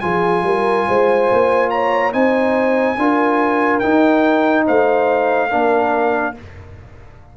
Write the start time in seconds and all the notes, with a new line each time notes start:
0.00 F3 F4 G#4 G#5
0.42 G3 A#4
0.87 G#3 C5
1.31 A#3
1.70 C#5 A#5
2.12 C4 D#4 C5 G#5
2.97 D4 F4 A#4
3.79 D#4 G5
4.66 A3 C5 F5
5.49 A#3 D4 A#4